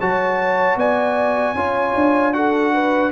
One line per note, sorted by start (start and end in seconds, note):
0.00 0.76 F#3
0.00 1.56 F#4
0.00 0.78 C#5
0.00 0.79 A5
0.76 1.54 B3
0.76 1.56 D5
0.76 2.34 G#5
1.55 1.94 C#4
1.55 2.33 F4
1.55 2.34 C#5
1.95 3.12 D4
2.33 3.11 F#4
2.33 2.74 A4
2.33 3.12 F#5
2.74 3.12 B4